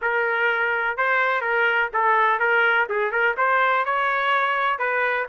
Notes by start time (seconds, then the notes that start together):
0.01 A#4
0.97 C5
1.41 A#4
1.93 A4
2.39 A#4
2.89 G#4
3.11 A#4
3.37 C5
3.85 C#5
4.78 B4